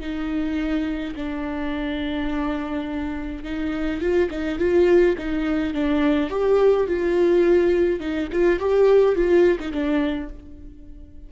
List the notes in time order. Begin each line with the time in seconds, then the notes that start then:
0.00 D#4
1.15 D4
3.43 D#4
4.01 F4
4.30 D#4
4.58 F4
5.18 D#4
5.74 D4
6.30 G4
6.87 F4
7.99 D#4
8.32 F4
8.59 G4
9.15 F4
9.59 D#4
9.71 D4